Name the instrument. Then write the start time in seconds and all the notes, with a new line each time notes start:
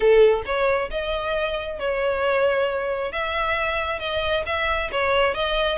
violin
0.00 A4
0.45 C#5
0.90 D#5
1.79 C#5
3.12 E5
3.99 D#5
4.46 E5
4.91 C#5
5.34 D#5